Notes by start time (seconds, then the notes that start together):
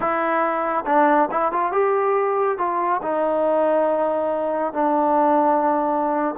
0.00 E4
0.86 D4
1.31 E4
1.51 F4
1.71 G4
2.58 F4
3.02 D#4
4.73 D4